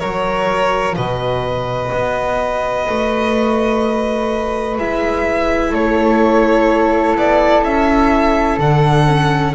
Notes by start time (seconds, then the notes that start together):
0.00 F#3 F#4 A#4 C#5
0.96 B2 B4 D#5
1.92 B3
2.89 A3
4.78 G#3 E4 E5
5.71 A3 A4 C#5
7.16 B3 D5
7.63 C#4 E5
8.59 D3 D4 F#5
9.07 C#4